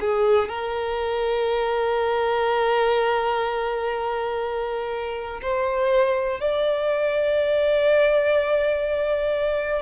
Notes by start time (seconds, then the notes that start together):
0.00 G#4
0.48 A#4
5.42 C5
6.40 D5